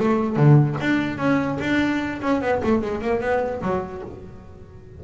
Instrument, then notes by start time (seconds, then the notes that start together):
double bass
0.00 A3
0.37 D3
0.81 D4
1.18 C#4
1.61 D4
2.22 C#4
2.42 B3
2.64 A3
2.82 G#3
3.02 A#3
3.21 B3
3.62 F#3